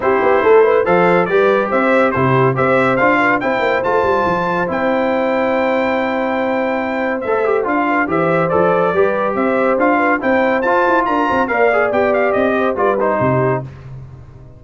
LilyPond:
<<
  \new Staff \with { instrumentName = "trumpet" } { \time 4/4 \tempo 4 = 141 c''2 f''4 d''4 | e''4 c''4 e''4 f''4 | g''4 a''2 g''4~ | g''1~ |
g''4 e''4 f''4 e''4 | d''2 e''4 f''4 | g''4 a''4 ais''4 f''4 | g''8 f''8 dis''4 d''8 c''4. | }
  \new Staff \with { instrumentName = "horn" } { \time 4/4 g'4 a'8 b'8 c''4 b'4 | c''4 g'4 c''4. b'8 | c''1~ | c''1~ |
c''2~ c''8 b'8 c''4~ | c''4 b'4 c''4. b'8 | c''2 ais'8 c''8 d''4~ | d''4. c''8 b'4 g'4 | }
  \new Staff \with { instrumentName = "trombone" } { \time 4/4 e'2 a'4 g'4~ | g'4 e'4 g'4 f'4 | e'4 f'2 e'4~ | e'1~ |
e'4 a'8 g'8 f'4 g'4 | a'4 g'2 f'4 | e'4 f'2 ais'8 gis'8 | g'2 f'8 dis'4. | }
  \new Staff \with { instrumentName = "tuba" } { \time 4/4 c'8 b8 a4 f4 g4 | c'4 c4 c'4 d'4 | c'8 ais8 a8 g8 f4 c'4~ | c'1~ |
c'4 a4 d'4 e4 | f4 g4 c'4 d'4 | c'4 f'8 e'8 d'8 c'8 ais4 | b4 c'4 g4 c4 | }
>>